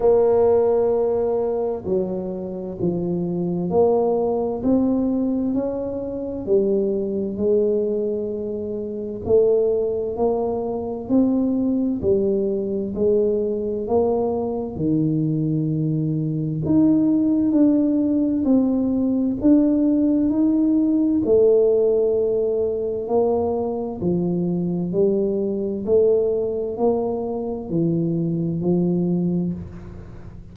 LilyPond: \new Staff \with { instrumentName = "tuba" } { \time 4/4 \tempo 4 = 65 ais2 fis4 f4 | ais4 c'4 cis'4 g4 | gis2 a4 ais4 | c'4 g4 gis4 ais4 |
dis2 dis'4 d'4 | c'4 d'4 dis'4 a4~ | a4 ais4 f4 g4 | a4 ais4 e4 f4 | }